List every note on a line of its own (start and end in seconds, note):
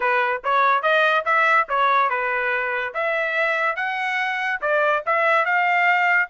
0.00 0.41 B4
0.44 0.82 C#5
0.82 1.24 D#5
1.25 1.67 E5
1.69 2.09 C#5
2.09 2.93 B4
2.94 3.76 E5
3.76 4.60 F#5
4.61 5.03 D5
5.05 5.45 E5
5.45 6.29 F5